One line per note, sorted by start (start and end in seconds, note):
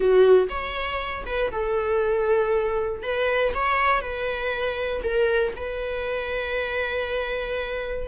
0.00 0.48 F#4
0.49 1.24 C#5
1.25 1.51 B4
1.51 3.03 A4
3.03 3.53 B4
3.54 4.01 C#5
4.01 5.01 B4
5.03 5.53 A#4
5.56 8.08 B4